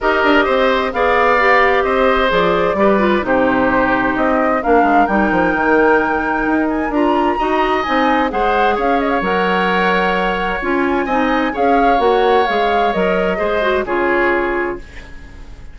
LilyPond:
<<
  \new Staff \with { instrumentName = "flute" } { \time 4/4 \tempo 4 = 130 dis''2 f''2 | dis''4 d''2 c''4~ | c''4 dis''4 f''4 g''4~ | g''2~ g''8 gis''8 ais''4~ |
ais''4 gis''4 fis''4 f''8 dis''16 f''16 | fis''2. gis''4~ | gis''4 f''4 fis''4 f''4 | dis''2 cis''2 | }
  \new Staff \with { instrumentName = "oboe" } { \time 4/4 ais'4 c''4 d''2 | c''2 b'4 g'4~ | g'2 ais'2~ | ais'1 |
dis''2 c''4 cis''4~ | cis''1 | dis''4 cis''2.~ | cis''4 c''4 gis'2 | }
  \new Staff \with { instrumentName = "clarinet" } { \time 4/4 g'2 gis'4 g'4~ | g'4 gis'4 g'8 f'8 dis'4~ | dis'2 d'4 dis'4~ | dis'2. f'4 |
fis'4 dis'4 gis'2 | ais'2. f'4 | dis'4 gis'4 fis'4 gis'4 | ais'4 gis'8 fis'8 f'2 | }
  \new Staff \with { instrumentName = "bassoon" } { \time 4/4 dis'8 d'8 c'4 b2 | c'4 f4 g4 c4~ | c4 c'4 ais8 gis8 g8 f8 | dis2 dis'4 d'4 |
dis'4 c'4 gis4 cis'4 | fis2. cis'4 | c'4 cis'4 ais4 gis4 | fis4 gis4 cis2 | }
>>